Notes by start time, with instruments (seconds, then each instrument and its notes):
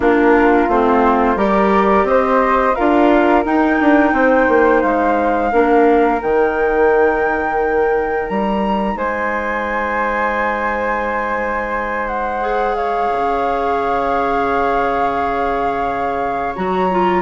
0.00 bassoon A#3, clarinet D4, flute F4 A#4
0.68 bassoon A3, clarinet C4, flute C5
1.36 bassoon G3, clarinet G4, flute A#4 D5
2.03 bassoon C4, flute D#5
2.09 flute C5
2.74 bassoon D4, clarinet F4, flute A#4 F5
3.44 clarinet D#4, bassoon D#4, flute G5
3.80 bassoon D4
4.12 bassoon C4, flute C5
4.48 bassoon A#3
4.82 bassoon G#3, flute F5
5.51 bassoon A#3, clarinet D4, flute A#4
6.21 bassoon D#3, clarinet D#4, flute G5
8.28 bassoon G3, flute A#5
8.95 bassoon G#3, flute C5 G#5
12.07 flute F#5
12.41 clarinet G#4
12.75 flute C#5 F5
13.12 bassoon C#3
16.55 bassoon F#3, clarinet F#4, flute A#5
16.90 clarinet F4